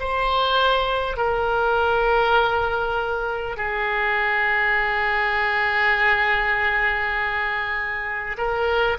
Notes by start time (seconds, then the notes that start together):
0.00 C5
1.17 A#4
3.57 G#4
8.38 A#4